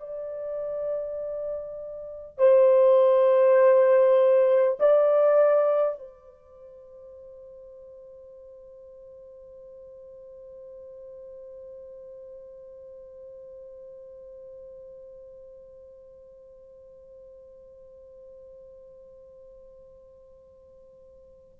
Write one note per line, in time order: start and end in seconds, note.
0.00 2.38 D5
2.38 4.78 C5
4.79 5.98 D5
5.98 21.58 C5